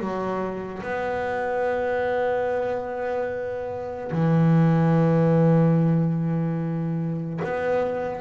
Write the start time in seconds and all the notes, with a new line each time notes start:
0.00 F#3
0.83 B3
4.12 E3
7.44 B3